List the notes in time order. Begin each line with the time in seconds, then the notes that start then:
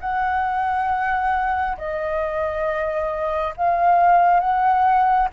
0.00 F#5
1.77 D#5
3.56 F5
4.40 F#5